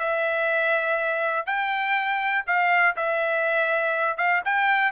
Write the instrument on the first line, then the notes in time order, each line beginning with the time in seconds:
trumpet
0.00 E5
1.47 G5
2.47 F5
2.97 E5
4.18 F5
4.45 G5